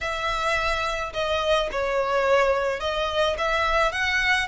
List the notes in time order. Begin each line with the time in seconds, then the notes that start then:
0.00 E5
1.13 D#5
1.71 C#5
2.80 D#5
3.38 E5
3.92 F#5